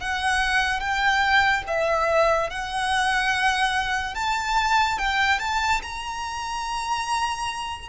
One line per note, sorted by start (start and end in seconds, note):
0.00 0.80 F#5
0.80 1.63 G5
1.67 2.50 E5
2.50 4.15 F#5
4.15 4.98 A5
4.98 5.39 G5
5.39 5.81 A5
5.83 7.89 A#5